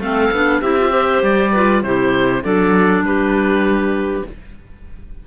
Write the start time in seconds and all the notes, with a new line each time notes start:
0.00 A3 C4 A4 F5
0.32 B3 D4
0.61 C4 E4 G4 E5
0.80 F4
0.91 G4 C5
1.23 G3 D5
1.53 F4 B4
1.83 C3 E4 G4 C5
2.43 F#3 D4 A4 D5
3.02 G3 G4 B4